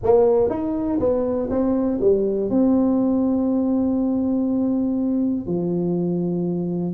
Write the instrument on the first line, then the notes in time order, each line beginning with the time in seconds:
tuba
0.03 A#3
0.49 D#4
0.99 B3
1.49 C4
2.00 G3
2.50 C4
5.46 F3